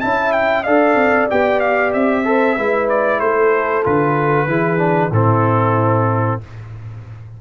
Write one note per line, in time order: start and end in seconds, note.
0.00 0.67 C#4
0.00 0.65 E4
0.00 0.64 E5
0.00 0.32 A5
0.32 0.63 G5
0.63 0.95 D4
0.63 1.29 A4
0.63 2.23 D5
0.63 1.27 F5
0.95 1.27 C4
1.30 1.95 B3
1.30 2.24 G4
1.30 1.59 G5
1.59 1.91 F5
1.93 2.58 C4
1.93 2.89 E5
2.24 2.56 A4
2.24 2.57 C5
2.57 3.21 G#3
2.57 3.83 E4
2.57 3.20 B4
2.89 3.20 D5
3.20 3.85 A3
3.20 4.48 A4
3.20 3.83 C5
3.83 4.47 D3
3.83 4.47 F4
3.83 5.13 B4
4.47 5.11 E3
4.47 4.78 E4
4.47 5.11 G#4
4.78 5.09 D4
5.11 6.38 A2
5.11 6.41 C4
5.11 6.39 E4
5.11 6.41 A4